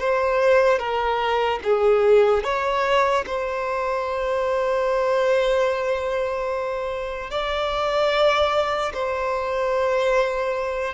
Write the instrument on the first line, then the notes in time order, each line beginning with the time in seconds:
violin
0.00 C5
0.79 A#4
1.64 G#4
2.44 C#5
3.27 C5
7.31 D5
8.94 C5